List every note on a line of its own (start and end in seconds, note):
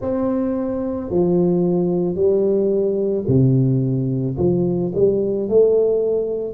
0.00 1.10 C4
1.10 2.15 F3
2.15 3.24 G3
3.27 4.36 C3
4.37 4.92 F3
4.94 5.48 G3
5.48 6.53 A3